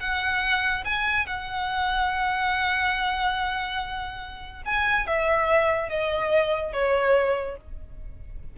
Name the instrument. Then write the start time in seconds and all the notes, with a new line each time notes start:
violin
0.00 F#5
0.85 G#5
1.27 F#5
4.65 G#5
5.07 E5
5.89 D#5
6.73 C#5